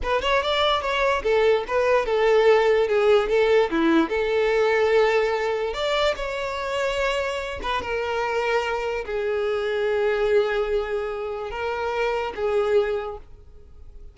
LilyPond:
\new Staff \with { instrumentName = "violin" } { \time 4/4 \tempo 4 = 146 b'8 cis''8 d''4 cis''4 a'4 | b'4 a'2 gis'4 | a'4 e'4 a'2~ | a'2 d''4 cis''4~ |
cis''2~ cis''8 b'8 ais'4~ | ais'2 gis'2~ | gis'1 | ais'2 gis'2 | }